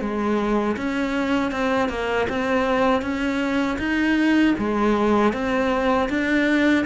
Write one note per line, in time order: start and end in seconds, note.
0.00 0.76 G#3
0.76 1.51 C#4
1.51 1.88 C4
1.88 2.26 A#3
2.29 3.01 C4
3.01 3.77 C#4
3.78 4.54 D#4
4.58 5.33 G#3
5.33 6.09 C4
6.09 6.85 D4